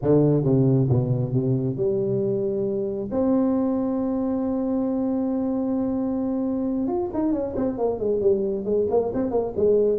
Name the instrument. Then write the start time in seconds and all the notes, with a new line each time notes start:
tuba
0.02 D3
0.43 C3
0.89 B2
1.33 C3
1.76 G3
3.11 C4
6.87 F4
7.13 D#4
7.32 C#4
7.56 C4
7.78 A#3
7.99 G#3
8.20 G3
8.64 G#3
8.90 A#3
9.14 C4
9.31 A#3
9.56 G#3